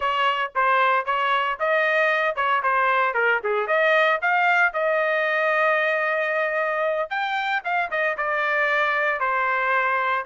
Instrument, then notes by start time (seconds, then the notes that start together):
trumpet
0.00 C#5
0.55 C5
1.05 C#5
1.59 D#5
2.35 C#5
2.62 C5
3.14 A#4
3.43 G#4
3.67 D#5
4.21 F5
4.73 D#5
7.10 G5
7.64 F5
7.90 D#5
8.17 D5
9.20 C5